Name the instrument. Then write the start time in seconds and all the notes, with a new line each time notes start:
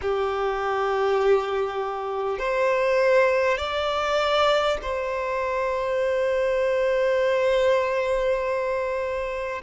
violin
0.01 G4
2.38 C5
3.57 D5
4.82 C5